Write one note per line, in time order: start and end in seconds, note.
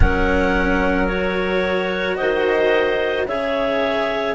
0.00 2.18 F#3
0.00 1.08 C#4
0.00 2.17 A#4
0.00 1.06 F#5
1.06 3.26 F#4
1.06 2.15 C#5
2.15 3.26 D#3
2.15 3.26 C5
2.15 3.25 D#5
3.26 4.34 C#3
3.26 4.34 G#4
3.26 4.34 C#5
3.26 4.34 E5